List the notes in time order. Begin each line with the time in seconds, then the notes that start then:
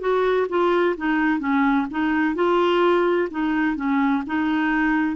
0.00 F#4
0.49 F4
0.97 D#4
1.39 C#4
1.90 D#4
2.34 F4
3.30 D#4
3.76 C#4
4.26 D#4